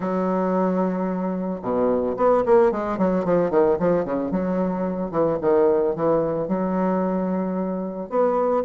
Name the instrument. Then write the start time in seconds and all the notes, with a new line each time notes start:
bassoon
0.00 F#3
1.62 B2
2.16 B3
2.45 A#3
2.71 G#3
2.97 F#3
3.24 F3
3.50 D#3
3.79 F3
4.04 C#3
4.31 F#3
5.11 E3
5.41 D#3
5.95 E3
6.48 F#3
8.09 B3